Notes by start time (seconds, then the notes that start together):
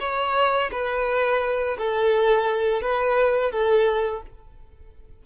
0.00 C#5
0.72 B4
1.78 A4
2.82 B4
3.52 A4